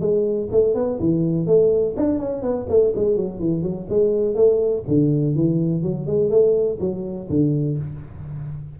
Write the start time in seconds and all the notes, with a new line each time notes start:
0.00 G#3
0.51 A3
0.74 B3
0.99 E3
1.46 A3
1.96 D4
2.19 C#4
2.42 B3
2.69 A3
2.95 G#3
3.16 F#3
3.39 E3
3.62 F#3
3.89 G#3
4.35 A3
4.88 D3
5.35 E3
5.82 F#3
6.06 G#3
6.30 A3
6.80 F#3
7.29 D3